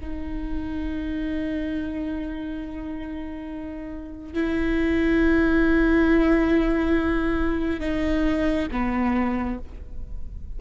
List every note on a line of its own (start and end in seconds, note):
0.00 4.34 D#4
4.34 7.80 E4
7.80 8.67 D#4
8.71 9.58 B3